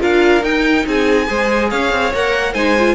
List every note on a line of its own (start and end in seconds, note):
0.00 0.43 D4
0.00 0.42 F4
0.00 0.85 A#4
0.00 0.44 F5
0.43 0.85 D#4
0.43 1.27 D#4
0.43 0.86 G5
0.86 1.29 C4
0.86 1.28 G#4
0.86 1.71 G#5
1.27 1.72 G#3
1.27 2.12 G#4
1.27 1.70 C5
1.70 1.92 C#4
1.70 2.53 C#5
1.70 2.13 F5
1.92 2.13 C4
2.14 2.54 A#3
2.14 2.55 A#4
2.14 2.54 F#5
2.53 2.95 G#3
2.53 2.76 D#4
2.53 2.95 C5
2.53 2.95 G#5
2.79 2.95 F4